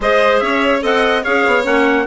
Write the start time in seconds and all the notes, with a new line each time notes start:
0.00 G#3 G#4 C5 D#5
0.39 C#4 C#5 E5
0.81 C4 A4 D#5 F#5
1.23 C#4 G#4 C#5 F5
1.46 B3
1.63 A#3 C#4 F#5